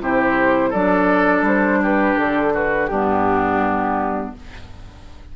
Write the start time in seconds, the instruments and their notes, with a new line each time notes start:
0.00 bassoon C3, clarinet E4, oboe G4, flute C5
0.70 bassoon F#3, clarinet D4, oboe A4, flute D5
1.42 bassoon G3, flute C5
1.82 oboe G4, flute B4
2.17 bassoon D3, flute A4
2.53 oboe F#4, flute B4
2.87 bassoon G2, clarinet B3, oboe D4, flute G4